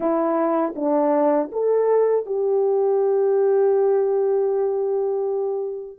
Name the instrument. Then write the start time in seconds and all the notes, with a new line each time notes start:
horn
0.00 E4
0.75 D4
1.52 A4
2.26 G4